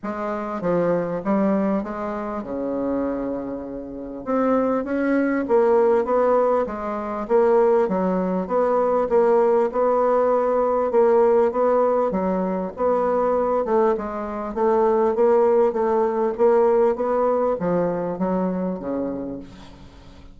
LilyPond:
\new Staff \with { instrumentName = "bassoon" } { \time 4/4 \tempo 4 = 99 gis4 f4 g4 gis4 | cis2. c'4 | cis'4 ais4 b4 gis4 | ais4 fis4 b4 ais4 |
b2 ais4 b4 | fis4 b4. a8 gis4 | a4 ais4 a4 ais4 | b4 f4 fis4 cis4 | }